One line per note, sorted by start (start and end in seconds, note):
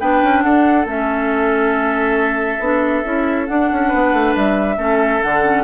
0.00 0.22 B3
0.00 0.87 D4
0.00 0.44 B4
0.00 0.42 G5
0.23 0.44 C#4
0.42 0.85 D4
0.42 3.88 A4
0.42 0.86 F#5
0.85 2.59 A3
0.85 2.61 C#4
0.85 3.47 E5
2.59 3.03 B3
2.59 3.04 D4
3.04 3.49 C#4
3.04 3.47 E4
3.47 4.77 D4
3.47 3.71 D4
3.47 4.34 F#5
3.72 3.94 C#4
3.88 4.13 B3
3.88 4.75 B4
4.13 4.35 A3
4.36 4.77 G3
4.36 5.23 E5
4.77 5.21 A3
4.77 5.21 C#4
4.77 5.63 A4
5.23 5.63 D3
5.23 5.44 D4
5.23 5.63 F#5
5.44 5.63 C#4